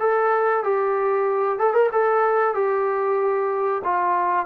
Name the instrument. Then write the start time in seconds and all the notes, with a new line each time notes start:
trombone
0.00 A4
0.64 G4
1.59 A4
1.74 A#4
1.92 A4
2.55 G4
3.85 F4